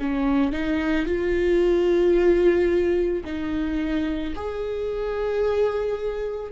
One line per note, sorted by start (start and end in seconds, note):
0.00 0.53 C#4
0.53 1.06 D#4
1.06 3.24 F4
3.25 4.34 D#4
4.36 6.52 G#4